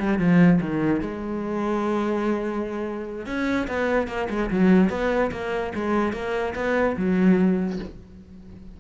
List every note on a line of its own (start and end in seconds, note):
0.00 0.19 G3
0.19 0.60 F3
0.61 1.01 D#3
1.01 3.26 G#3
3.26 3.67 C#4
3.68 4.08 B3
4.08 4.28 A#3
4.30 4.50 G#3
4.51 4.90 F#3
4.90 5.31 B3
5.32 5.73 A#3
5.75 6.13 G#3
6.13 6.54 A#3
6.55 6.96 B3
6.97 7.79 F#3